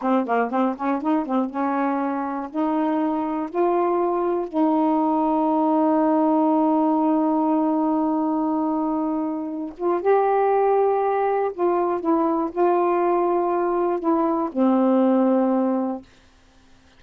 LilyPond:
\new Staff \with { instrumentName = "saxophone" } { \time 4/4 \tempo 4 = 120 c'8 ais8 c'8 cis'8 dis'8 c'8 cis'4~ | cis'4 dis'2 f'4~ | f'4 dis'2.~ | dis'1~ |
dis'2.~ dis'8 f'8 | g'2. f'4 | e'4 f'2. | e'4 c'2. | }